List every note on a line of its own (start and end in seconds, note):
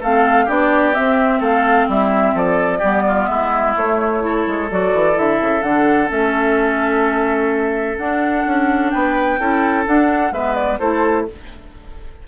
0.00 0.48 A3
0.00 0.47 C4
0.00 0.45 A4
0.00 0.49 F5
0.45 0.96 B3
0.45 0.93 D4
0.45 1.39 G4
0.45 0.94 D5
0.93 2.81 C4
0.93 1.40 C4
0.93 1.41 E5
1.39 1.87 A3
1.39 1.86 A4
1.39 1.89 F5
1.88 2.34 G3
1.88 2.35 E4
1.88 2.37 E5
2.34 2.80 F3
2.34 2.78 A4
2.34 3.26 D5
2.78 3.28 G3
2.78 3.77 B3
2.78 3.02 G4
3.07 3.29 F4
3.26 3.75 G#3
3.26 4.22 E4
3.26 3.73 E5
3.76 4.46 A3
3.76 4.20 A3
3.76 4.70 C#5
4.20 4.67 E4
4.20 8.92 A4
4.47 4.70 G#3
4.71 4.94 F#3
4.71 5.13 F#4
4.71 5.18 D5
4.94 5.17 E3
5.13 5.40 D3
5.13 5.60 E4
5.13 5.62 E5
5.40 5.62 C#3
5.62 6.09 D3
5.62 6.08 D4
5.62 6.09 F#5
6.08 7.98 A3
6.08 7.95 C#4
6.08 7.97 E5
7.97 8.45 D4
7.97 9.39 D4
7.97 8.90 F#5
8.46 8.93 C#4
8.90 9.39 B3
8.90 9.39 B4
8.90 9.84 G5
9.39 9.86 C#4
9.39 9.85 E4
9.39 10.33 A4
9.85 10.32 D4
9.85 10.31 D4
9.85 10.32 F#5
10.31 10.78 G#3
10.31 10.79 B3
10.31 10.79 B4
10.31 10.55 E5
10.55 10.78 D5
10.79 11.27 A3
10.79 11.26 E4
10.79 11.26 A4
10.79 11.26 C5